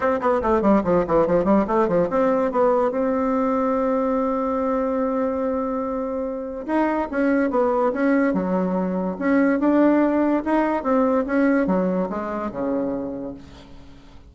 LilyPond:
\new Staff \with { instrumentName = "bassoon" } { \time 4/4 \tempo 4 = 144 c'8 b8 a8 g8 f8 e8 f8 g8 | a8 f8 c'4 b4 c'4~ | c'1~ | c'1 |
dis'4 cis'4 b4 cis'4 | fis2 cis'4 d'4~ | d'4 dis'4 c'4 cis'4 | fis4 gis4 cis2 | }